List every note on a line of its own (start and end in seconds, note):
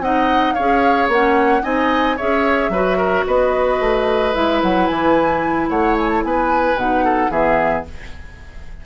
0.00 0.54 C4
0.00 0.57 D#4
0.00 0.55 D#5
0.00 0.54 F#5
0.54 1.08 C#4
0.54 1.13 G#4
0.54 1.63 C#5
0.54 1.08 F5
1.08 1.62 A#3
1.08 1.63 C#4
1.08 1.64 F#5
1.63 2.19 C4
1.63 2.17 D#4
1.63 2.17 D#5
1.63 2.18 G#5
2.17 2.70 C#4
2.17 2.73 G#4
2.17 2.71 C#5
2.17 3.26 E5
2.70 3.24 F#3
2.70 4.34 F#4
2.70 2.98 B4
2.98 3.25 A#4
3.27 3.80 B3
3.27 5.70 B4
3.27 4.35 D#5
3.80 4.34 A3
4.34 4.63 G#3
4.34 6.77 E4
4.34 4.62 E5
4.63 4.90 F#3
4.63 4.87 F#5
4.87 5.70 E3
4.87 5.68 G#5
5.70 6.24 A3
5.70 6.24 C#5
5.70 5.97 F#5
5.99 6.09 G#5
6.09 6.22 A5
6.24 6.75 B3
6.24 7.05 B4
6.24 6.78 G#5
6.75 7.30 B2
6.75 7.31 D#4
6.75 7.32 F#5
7.05 7.31 A4
7.30 7.84 E3
7.30 7.85 B3
7.30 7.85 G#4
7.30 7.86 E5